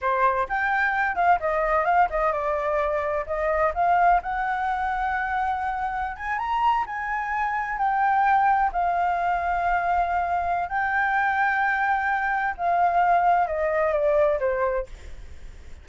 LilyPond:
\new Staff \with { instrumentName = "flute" } { \time 4/4 \tempo 4 = 129 c''4 g''4. f''8 dis''4 | f''8 dis''8 d''2 dis''4 | f''4 fis''2.~ | fis''4~ fis''16 gis''8 ais''4 gis''4~ gis''16~ |
gis''8. g''2 f''4~ f''16~ | f''2. g''4~ | g''2. f''4~ | f''4 dis''4 d''4 c''4 | }